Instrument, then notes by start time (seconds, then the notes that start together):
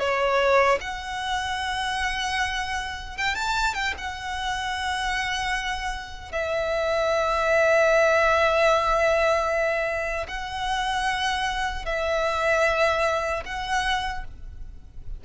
violin
0.00 C#5
0.81 F#5
3.18 G5
3.36 A5
3.75 G5
3.98 F#5
6.32 E5
10.28 F#5
11.86 E5
13.46 F#5